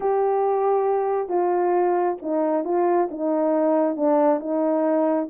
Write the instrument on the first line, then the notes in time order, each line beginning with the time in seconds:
horn
0.00 G4
1.28 F4
2.22 D#4
2.64 F4
3.10 D#4
3.96 D4
4.40 D#4